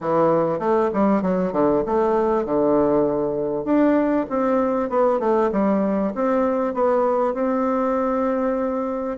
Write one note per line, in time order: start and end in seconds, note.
0.01 0.59 E3
0.59 0.89 A3
0.93 1.22 G3
1.22 1.52 F#3
1.52 1.83 D3
1.86 2.45 A3
2.45 3.65 D3
3.65 4.26 D4
4.29 4.89 C4
4.89 5.19 B3
5.19 5.50 A3
5.52 6.13 G3
6.14 6.73 C4
6.73 7.33 B3
7.33 9.17 C4